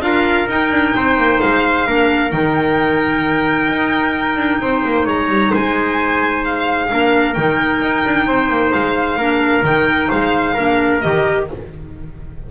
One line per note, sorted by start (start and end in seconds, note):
0.00 0.46 D4
0.00 0.47 F4
0.00 0.95 A#4
0.00 0.47 F5
0.48 0.70 D#4
0.48 1.86 D#4
0.48 1.40 G5
0.70 0.93 D4
0.95 1.17 C4
0.95 1.87 C5
1.17 1.40 A#3
1.40 1.87 G#3
1.40 2.31 F5
1.86 2.32 A#3
1.86 2.29 D4
1.86 4.61 A#4
2.29 3.68 D#3
2.29 6.87 D#4
2.29 5.05 G5
3.68 4.37 D#4
4.37 4.59 D4
4.60 4.83 C4
4.60 5.05 C5
4.84 5.06 A#3
5.05 5.28 G#3
5.05 5.51 C#5
5.05 5.54 A#5
5.28 5.51 G3
5.51 6.91 G#3
5.51 6.88 C5
5.51 6.44 G#5
6.44 7.34 F5
6.88 7.37 A#3
6.88 7.34 D4
6.88 8.27 A#4
7.34 7.81 D#3
7.34 9.19 D#4
7.34 8.71 G5
7.81 8.04 D#4
8.05 8.26 D4
8.26 8.49 C4
8.26 9.18 C5
8.49 8.72 A#3
8.73 9.16 G#3
8.73 9.64 F5
9.16 9.62 A#3
9.16 9.63 D4
9.16 10.08 A#4
9.62 10.08 D#3
9.62 10.54 D#4
9.62 10.10 G5
10.08 10.57 G#3
10.08 10.53 C5
10.08 11.00 F5
10.53 11.04 A#3
10.53 11.01 D4
10.53 11.45 A#4
11.00 11.50 D#3
11.00 11.47 G4
11.00 11.46 D#5